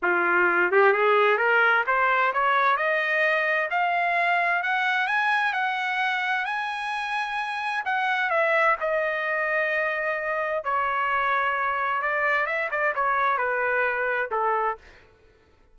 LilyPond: \new Staff \with { instrumentName = "trumpet" } { \time 4/4 \tempo 4 = 130 f'4. g'8 gis'4 ais'4 | c''4 cis''4 dis''2 | f''2 fis''4 gis''4 | fis''2 gis''2~ |
gis''4 fis''4 e''4 dis''4~ | dis''2. cis''4~ | cis''2 d''4 e''8 d''8 | cis''4 b'2 a'4 | }